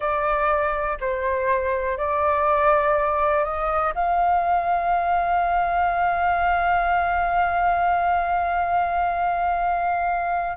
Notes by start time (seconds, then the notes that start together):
0.00 D5
1.00 C5
1.97 D5
3.44 D#5
3.94 F5